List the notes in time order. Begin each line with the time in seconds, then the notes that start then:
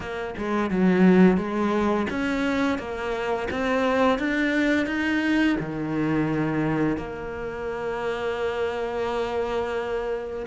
0.00 A#3
0.37 G#3
0.70 F#3
1.37 G#3
2.10 C#4
2.78 A#3
3.50 C4
4.18 D4
4.86 D#4
5.59 D#3
6.97 A#3